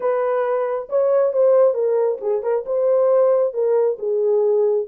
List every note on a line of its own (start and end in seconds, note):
0.00 0.88 B4
0.89 1.33 C#5
1.33 1.73 C5
1.73 2.18 A#4
2.21 2.42 G#4
2.42 2.64 A#4
2.66 3.53 C5
3.53 3.97 A#4
3.98 4.87 G#4